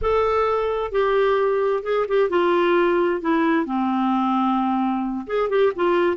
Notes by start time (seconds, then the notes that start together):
0.01 A4
0.91 G4
1.83 G#4
2.08 G4
2.29 F4
3.21 E4
3.65 C4
5.26 G#4
5.49 G4
5.75 F4